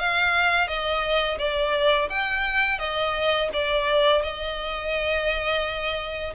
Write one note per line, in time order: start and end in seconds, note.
0.00 0.68 F5
0.68 1.39 D#5
1.39 2.10 D5
2.10 2.79 G5
2.79 3.50 D#5
3.54 4.23 D5
4.23 6.34 D#5